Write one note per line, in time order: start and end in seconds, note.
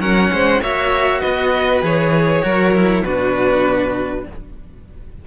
0.00 0.30 F#3
0.00 0.61 C#4
0.00 0.30 A#4
0.00 0.62 F#5
0.33 0.61 G#3
0.33 0.62 C5
0.61 1.22 A#3
0.61 1.82 F#4
0.61 1.21 C#5
0.61 1.21 E5
1.21 1.82 B3
1.21 2.42 B4
1.21 1.81 D#5
1.82 2.43 E3
1.82 2.43 G#4
1.82 3.04 C#5
2.43 3.04 F#3
2.43 2.73 F#4
2.43 3.05 A#4
2.74 3.04 E4
3.04 4.25 B2
3.04 4.27 D4
3.04 4.26 F#4
3.04 4.26 B4